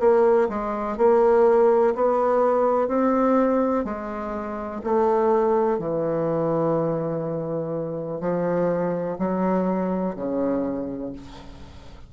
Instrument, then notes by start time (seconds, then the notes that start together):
bassoon
0.00 A#3
0.49 G#3
0.98 A#3
1.95 B3
2.88 C4
3.85 G#3
4.84 A3
5.79 E3
8.21 F3
9.19 F#3
10.16 C#3